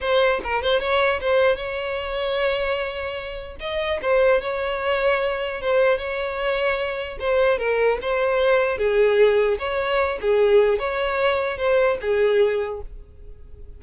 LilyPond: \new Staff \with { instrumentName = "violin" } { \time 4/4 \tempo 4 = 150 c''4 ais'8 c''8 cis''4 c''4 | cis''1~ | cis''4 dis''4 c''4 cis''4~ | cis''2 c''4 cis''4~ |
cis''2 c''4 ais'4 | c''2 gis'2 | cis''4. gis'4. cis''4~ | cis''4 c''4 gis'2 | }